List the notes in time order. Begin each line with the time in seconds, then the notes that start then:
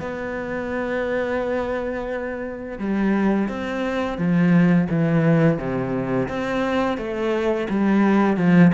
0.00 B3
2.78 G3
3.49 C4
4.18 F3
4.90 E3
5.58 C3
6.28 C4
6.98 A3
7.69 G3
8.37 F3